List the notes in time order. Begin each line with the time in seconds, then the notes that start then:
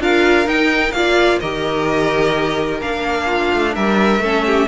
0.00 D4 F4 A#4 F5
0.46 D#4 G5
0.92 A#3 F4 D5 F5
1.40 D#3 G4 A#4 D#5
2.81 A#3 D4 F5
3.25 F4
3.53 A3
3.75 G3 A#4 E5
4.19 A3 C#4 A4
4.46 G4